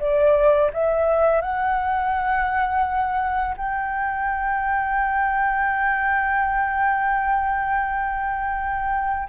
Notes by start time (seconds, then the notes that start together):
0.00 D5
0.73 E5
1.42 F#5
3.57 G5